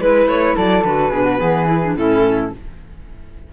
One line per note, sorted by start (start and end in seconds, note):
0.00 0.28 G#3
0.00 0.84 E4
0.00 0.29 B4
0.00 0.56 B4
0.28 0.55 A3
0.28 0.56 C#5
0.56 0.85 F#3
0.56 1.11 A4
0.56 0.84 D5
0.84 1.11 D3
0.84 1.13 F#4
0.84 1.95 B4
1.11 1.39 B2
1.11 1.39 D4
1.11 1.25 G#4
1.25 1.38 F#4
1.39 1.95 E3
1.39 1.67 B3
1.39 1.95 G#4
1.67 1.80 E4
1.84 1.97 D4
1.95 2.51 A2
1.95 2.52 C#4
1.95 2.53 E4
1.95 2.54 A4